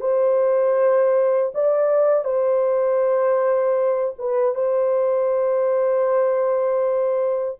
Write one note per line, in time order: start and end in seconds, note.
0.00 1.52 C5
1.54 2.24 D5
2.24 4.14 C5
4.18 4.54 B4
4.54 7.58 C5